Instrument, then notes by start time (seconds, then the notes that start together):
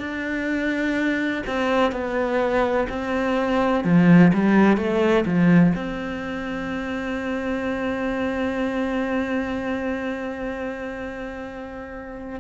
cello
0.00 D4
1.47 C4
1.92 B3
2.89 C4
3.84 F3
4.34 G3
4.77 A3
5.26 F3
5.75 C4